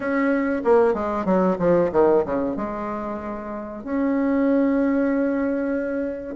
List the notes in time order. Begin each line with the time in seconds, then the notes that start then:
0.00 C#4
0.64 A#3
0.94 G#3
1.25 F#3
1.58 F3
1.92 D#3
2.25 C#3
2.56 G#3
3.84 C#4